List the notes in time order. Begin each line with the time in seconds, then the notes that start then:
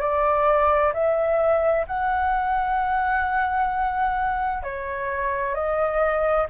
0.00 D5
0.93 E5
1.87 F#5
4.63 C#5
5.54 D#5